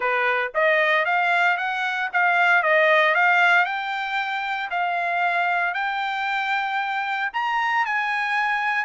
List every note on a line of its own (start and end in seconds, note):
0.00 0.51 B4
0.54 1.05 D#5
1.05 1.57 F5
1.57 2.09 F#5
2.12 2.62 F5
2.62 3.14 D#5
3.14 3.65 F5
3.65 4.69 G5
4.70 5.74 F5
5.74 7.30 G5
7.33 7.85 A#5
7.85 8.84 G#5